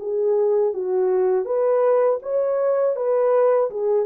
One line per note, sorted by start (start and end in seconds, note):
0.00 0.74 G#4
0.74 1.46 F#4
1.46 2.20 B4
2.23 2.96 C#5
2.96 3.70 B4
3.71 4.06 G#4